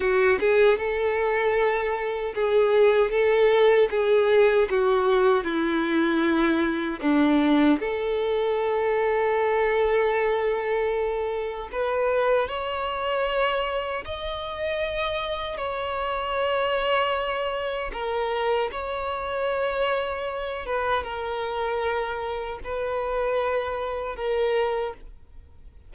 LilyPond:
\new Staff \with { instrumentName = "violin" } { \time 4/4 \tempo 4 = 77 fis'8 gis'8 a'2 gis'4 | a'4 gis'4 fis'4 e'4~ | e'4 d'4 a'2~ | a'2. b'4 |
cis''2 dis''2 | cis''2. ais'4 | cis''2~ cis''8 b'8 ais'4~ | ais'4 b'2 ais'4 | }